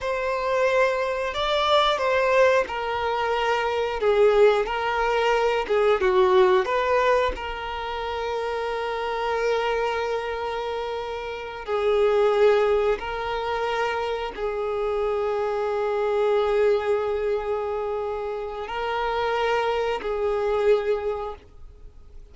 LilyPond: \new Staff \with { instrumentName = "violin" } { \time 4/4 \tempo 4 = 90 c''2 d''4 c''4 | ais'2 gis'4 ais'4~ | ais'8 gis'8 fis'4 b'4 ais'4~ | ais'1~ |
ais'4. gis'2 ais'8~ | ais'4. gis'2~ gis'8~ | gis'1 | ais'2 gis'2 | }